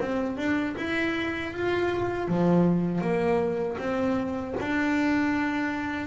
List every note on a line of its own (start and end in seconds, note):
0.00 0.37 C4
0.37 0.75 D4
0.77 1.52 E4
1.52 2.28 F4
2.28 3.01 F3
3.01 3.77 A#3
3.78 4.54 C4
4.59 6.07 D4